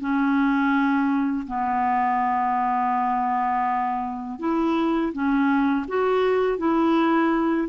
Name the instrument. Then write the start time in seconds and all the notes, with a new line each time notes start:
clarinet
0.00 C#4
1.47 B3
4.39 E4
5.13 C#4
5.88 F#4
6.58 E4